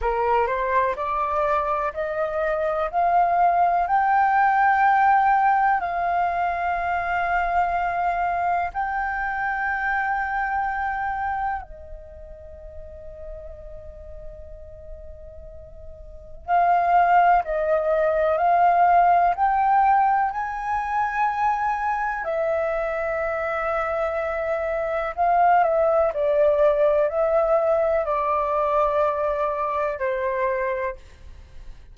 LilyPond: \new Staff \with { instrumentName = "flute" } { \time 4/4 \tempo 4 = 62 ais'8 c''8 d''4 dis''4 f''4 | g''2 f''2~ | f''4 g''2. | dis''1~ |
dis''4 f''4 dis''4 f''4 | g''4 gis''2 e''4~ | e''2 f''8 e''8 d''4 | e''4 d''2 c''4 | }